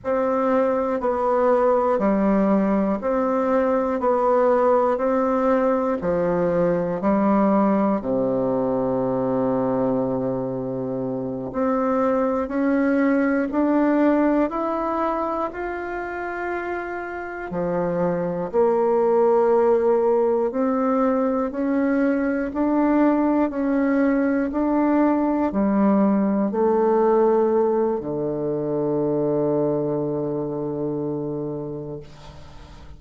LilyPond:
\new Staff \with { instrumentName = "bassoon" } { \time 4/4 \tempo 4 = 60 c'4 b4 g4 c'4 | b4 c'4 f4 g4 | c2.~ c8 c'8~ | c'8 cis'4 d'4 e'4 f'8~ |
f'4. f4 ais4.~ | ais8 c'4 cis'4 d'4 cis'8~ | cis'8 d'4 g4 a4. | d1 | }